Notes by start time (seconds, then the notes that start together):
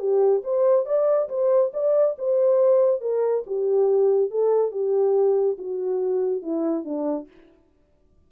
0.00 G4
0.44 C5
0.86 D5
1.30 C5
1.74 D5
2.19 C5
3.02 A#4
3.47 G4
4.31 A4
4.72 G4
5.59 F#4
6.43 E4
6.85 D4